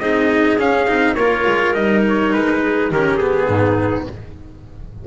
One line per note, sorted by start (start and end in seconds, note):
0.00 0.58 C4
0.00 0.59 D#4
0.00 1.15 G#4
0.00 0.58 D#5
0.59 0.88 C#4
0.59 1.15 F5
0.88 1.17 C4
0.88 1.17 D#4
1.15 1.46 A#3
1.15 1.74 F4
1.15 2.60 A#4
1.15 1.73 C#5
1.47 1.76 G#3
1.74 2.34 G3
1.74 2.91 D#4
1.74 2.03 D#5
2.09 2.33 C#5
2.33 2.91 G#3
2.33 2.92 B4
2.63 2.91 G#4
2.91 3.48 D#3
2.91 3.20 C#4
2.91 3.48 G4
2.91 3.17 A#4
3.17 4.08 B3
3.17 4.04 G#4
3.48 4.06 G#2
3.48 4.06 D#4